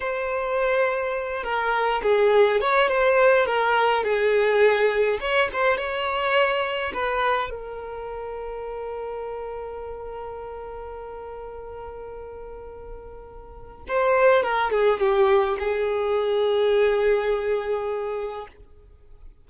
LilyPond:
\new Staff \with { instrumentName = "violin" } { \time 4/4 \tempo 4 = 104 c''2~ c''8 ais'4 gis'8~ | gis'8 cis''8 c''4 ais'4 gis'4~ | gis'4 cis''8 c''8 cis''2 | b'4 ais'2.~ |
ais'1~ | ais'1 | c''4 ais'8 gis'8 g'4 gis'4~ | gis'1 | }